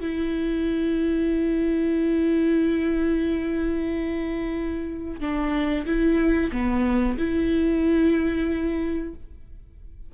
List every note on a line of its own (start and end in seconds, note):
0.00 5.20 E4
5.20 5.85 D4
5.85 6.51 E4
6.52 7.17 B3
7.18 9.13 E4